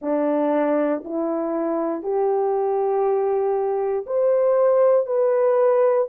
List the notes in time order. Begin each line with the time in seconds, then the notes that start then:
0.01 D4
1.04 E4
2.02 G4
4.06 C5
5.06 B4